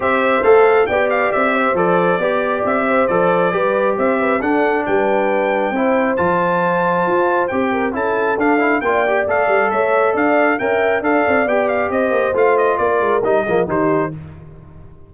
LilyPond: <<
  \new Staff \with { instrumentName = "trumpet" } { \time 4/4 \tempo 4 = 136 e''4 f''4 g''8 f''8 e''4 | d''2 e''4 d''4~ | d''4 e''4 fis''4 g''4~ | g''2 a''2~ |
a''4 g''4 a''4 f''4 | g''4 f''4 e''4 f''4 | g''4 f''4 g''8 f''8 dis''4 | f''8 dis''8 d''4 dis''4 c''4 | }
  \new Staff \with { instrumentName = "horn" } { \time 4/4 c''2 d''4. c''8~ | c''4 d''4. c''4. | b'4 c''8 b'8 a'4 b'4~ | b'4 c''2.~ |
c''4. ais'8 a'2 | d''2 cis''4 d''4 | e''4 d''2 c''4~ | c''4 ais'4. gis'8 g'4 | }
  \new Staff \with { instrumentName = "trombone" } { \time 4/4 g'4 a'4 g'2 | a'4 g'2 a'4 | g'2 d'2~ | d'4 e'4 f'2~ |
f'4 g'4 e'4 d'8 e'8 | f'8 g'8 a'2. | ais'4 a'4 g'2 | f'2 dis'8 ais8 dis'4 | }
  \new Staff \with { instrumentName = "tuba" } { \time 4/4 c'4 a4 b4 c'4 | f4 b4 c'4 f4 | g4 c'4 d'4 g4~ | g4 c'4 f2 |
f'4 c'4 cis'4 d'4 | ais4 a8 g8 a4 d'4 | cis'4 d'8 c'8 b4 c'8 ais8 | a4 ais8 gis8 g8 f8 dis4 | }
>>